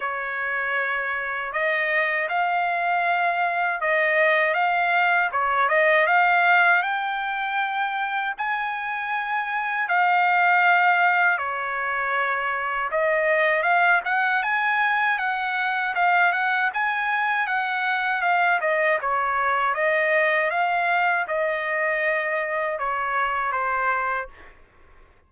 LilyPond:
\new Staff \with { instrumentName = "trumpet" } { \time 4/4 \tempo 4 = 79 cis''2 dis''4 f''4~ | f''4 dis''4 f''4 cis''8 dis''8 | f''4 g''2 gis''4~ | gis''4 f''2 cis''4~ |
cis''4 dis''4 f''8 fis''8 gis''4 | fis''4 f''8 fis''8 gis''4 fis''4 | f''8 dis''8 cis''4 dis''4 f''4 | dis''2 cis''4 c''4 | }